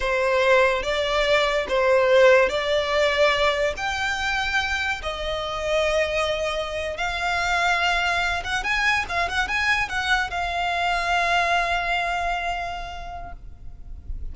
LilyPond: \new Staff \with { instrumentName = "violin" } { \time 4/4 \tempo 4 = 144 c''2 d''2 | c''2 d''2~ | d''4 g''2. | dis''1~ |
dis''8. f''2.~ f''16~ | f''16 fis''8 gis''4 f''8 fis''8 gis''4 fis''16~ | fis''8. f''2.~ f''16~ | f''1 | }